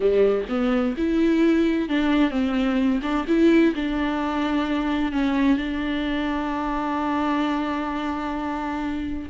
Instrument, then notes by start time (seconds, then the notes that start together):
viola
0.00 G3
0.48 B3
0.97 E4
1.88 D4
2.30 C4
3.02 D4
3.27 E4
3.75 D4
5.11 C#4
5.57 D4